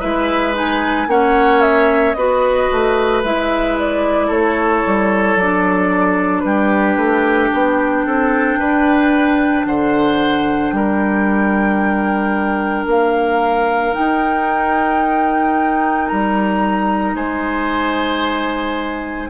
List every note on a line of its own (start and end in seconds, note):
0.00 1.07 G#3
0.00 0.54 E4
0.00 1.07 B4
0.00 0.54 E5
0.54 1.07 D#4
0.54 1.10 G#5
1.07 2.14 A#3
1.07 2.16 C#4
1.07 2.17 C#5
1.07 1.61 F#5
1.61 2.14 E5
2.14 2.68 B3
2.14 3.24 F#4
2.14 4.27 B4
2.14 3.21 D#5
2.72 3.24 A3
3.24 4.29 G#3
3.24 5.39 E4
3.24 3.78 E5
3.79 4.32 D5
4.27 4.83 A3
4.27 6.42 A4
4.27 5.38 C#5
4.86 5.35 G3
5.35 6.43 F#3
5.35 13.93 D4
5.35 6.40 D5
6.40 6.96 G3
6.40 8.06 G4
6.40 7.47 B4
6.96 7.50 A3
7.53 8.06 B3
7.53 9.66 G5
8.06 8.58 C4
8.06 8.59 A4
8.58 9.65 D4
8.58 9.66 B4
9.65 10.72 D3
9.65 10.74 C5
9.65 10.71 F#5
10.71 12.86 G3
10.71 17.15 A#4
10.71 12.85 G5
12.86 13.93 A#3
12.86 13.94 F5
13.93 19.29 D#4
13.93 16.11 D#4
13.93 16.08 G5
16.08 17.15 G3
16.08 17.15 A#5
17.15 19.29 G#3
17.15 19.30 C5
17.15 19.30 G#5